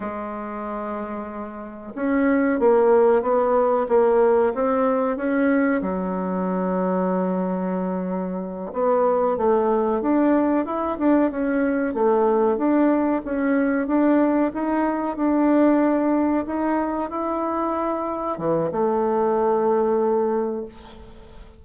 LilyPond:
\new Staff \with { instrumentName = "bassoon" } { \time 4/4 \tempo 4 = 93 gis2. cis'4 | ais4 b4 ais4 c'4 | cis'4 fis2.~ | fis4. b4 a4 d'8~ |
d'8 e'8 d'8 cis'4 a4 d'8~ | d'8 cis'4 d'4 dis'4 d'8~ | d'4. dis'4 e'4.~ | e'8 e8 a2. | }